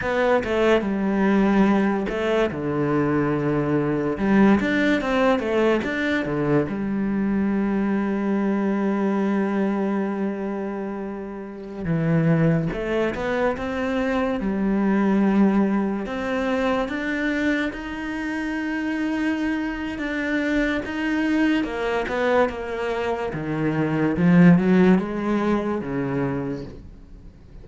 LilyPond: \new Staff \with { instrumentName = "cello" } { \time 4/4 \tempo 4 = 72 b8 a8 g4. a8 d4~ | d4 g8 d'8 c'8 a8 d'8 d8 | g1~ | g2~ g16 e4 a8 b16~ |
b16 c'4 g2 c'8.~ | c'16 d'4 dis'2~ dis'8. | d'4 dis'4 ais8 b8 ais4 | dis4 f8 fis8 gis4 cis4 | }